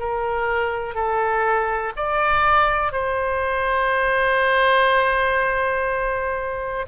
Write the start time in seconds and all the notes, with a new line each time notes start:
0.00 A#4
0.95 A4
1.97 D5
2.93 C5